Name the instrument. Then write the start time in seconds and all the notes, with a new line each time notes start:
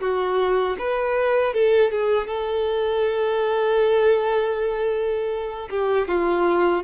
violin
0.00 F#4
0.78 B4
1.53 A4
1.91 G#4
2.27 A4
5.70 G4
6.08 F4